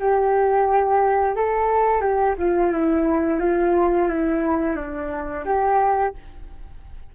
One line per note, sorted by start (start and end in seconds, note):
0.00 1.36 G4
1.36 2.02 A4
2.02 2.36 G4
2.38 2.72 F4
2.72 3.40 E4
3.40 4.08 F4
4.08 4.77 E4
4.77 5.45 D4
5.46 6.14 G4